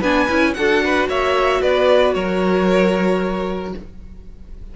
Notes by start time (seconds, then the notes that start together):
0.00 B3 D4 B4 G#5
0.28 C#4 E4
0.54 D4 F#4 A4 F#5
0.84 B4
1.08 A#3 C#5 E5
1.61 B3 B4 D5
2.13 F#3 A#4 C#5